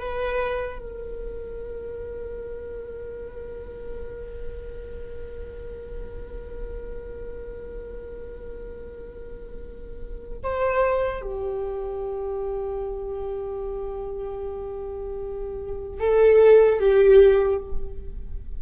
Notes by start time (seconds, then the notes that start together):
0.00 B4
0.79 A#4
10.43 C5
11.22 G4
16.00 A4
16.80 G4